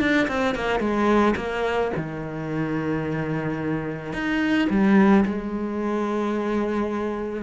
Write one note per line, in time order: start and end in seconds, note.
0.00 0.28 D4
0.28 0.55 C4
0.55 0.80 A#3
0.80 1.35 G#3
1.36 1.91 A#3
1.97 4.13 D#3
4.13 4.68 D#4
4.70 5.25 G3
5.25 7.43 G#3